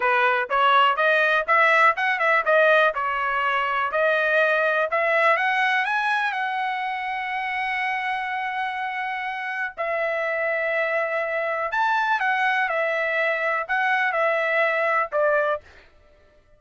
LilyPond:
\new Staff \with { instrumentName = "trumpet" } { \time 4/4 \tempo 4 = 123 b'4 cis''4 dis''4 e''4 | fis''8 e''8 dis''4 cis''2 | dis''2 e''4 fis''4 | gis''4 fis''2.~ |
fis''1 | e''1 | a''4 fis''4 e''2 | fis''4 e''2 d''4 | }